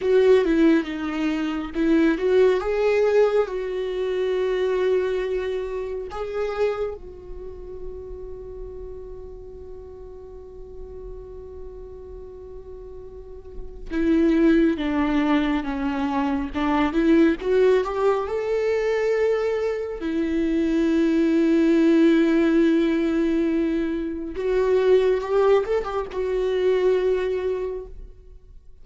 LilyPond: \new Staff \with { instrumentName = "viola" } { \time 4/4 \tempo 4 = 69 fis'8 e'8 dis'4 e'8 fis'8 gis'4 | fis'2. gis'4 | fis'1~ | fis'1 |
e'4 d'4 cis'4 d'8 e'8 | fis'8 g'8 a'2 e'4~ | e'1 | fis'4 g'8 a'16 g'16 fis'2 | }